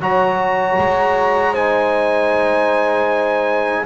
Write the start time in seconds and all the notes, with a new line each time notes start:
0.00 F#3 F#4 C#5 A#5
0.78 G#3
1.52 D#4 C5 G#5